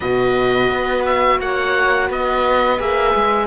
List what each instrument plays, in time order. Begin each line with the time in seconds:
0.00 cello B2, horn F#4, viola B4, oboe D#5
0.70 cello B3
1.05 oboe E5
1.39 cello A#3, viola C#5, oboe F#5
2.07 cello B3, viola B4, oboe D#5
2.79 cello A#3, horn G#4, oboe E5
3.14 cello G#3